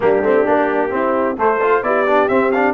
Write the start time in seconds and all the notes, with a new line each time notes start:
0.00 G3 A#3 D4 G4
0.21 A3 C4
0.45 A#3 D4
0.90 C4 E4
1.37 A3 A4 C5
1.62 F4
1.82 B3 E4 G4 D5
2.06 D4
2.28 C4 E5
2.51 D4 F5